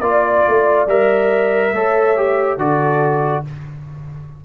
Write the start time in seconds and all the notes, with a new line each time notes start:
0.00 A#3 F4 D5
0.47 A3
0.86 G3 A#4 E5
1.72 A3 A4 C#5
2.16 G4
2.57 D3 F#4 A4 D5